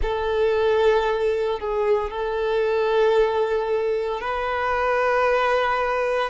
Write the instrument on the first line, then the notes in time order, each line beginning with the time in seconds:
violin
0.02 A4
1.59 G#4
2.10 A4
4.21 B4